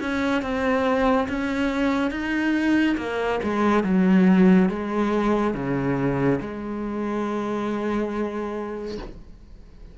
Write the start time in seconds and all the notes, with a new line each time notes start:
0.00 C#4
0.42 C4
1.28 C#4
2.10 D#4
2.97 A#3
3.43 G#3
3.83 F#3
4.69 G#3
5.54 C#3
6.41 G#3